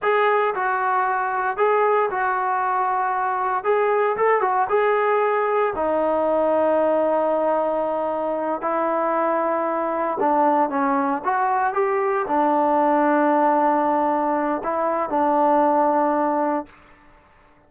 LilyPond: \new Staff \with { instrumentName = "trombone" } { \time 4/4 \tempo 4 = 115 gis'4 fis'2 gis'4 | fis'2. gis'4 | a'8 fis'8 gis'2 dis'4~ | dis'1~ |
dis'8 e'2. d'8~ | d'8 cis'4 fis'4 g'4 d'8~ | d'1 | e'4 d'2. | }